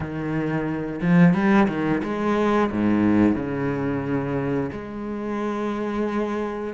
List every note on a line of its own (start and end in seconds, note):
0.00 1.00 D#3
1.01 1.33 F3
1.33 1.67 G3
1.68 2.01 D#3
2.03 2.70 G#3
2.71 3.35 G#2
3.35 4.70 C#3
4.72 6.74 G#3